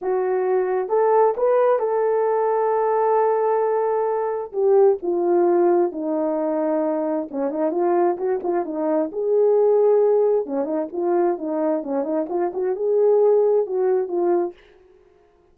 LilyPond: \new Staff \with { instrumentName = "horn" } { \time 4/4 \tempo 4 = 132 fis'2 a'4 b'4 | a'1~ | a'2 g'4 f'4~ | f'4 dis'2. |
cis'8 dis'8 f'4 fis'8 f'8 dis'4 | gis'2. cis'8 dis'8 | f'4 dis'4 cis'8 dis'8 f'8 fis'8 | gis'2 fis'4 f'4 | }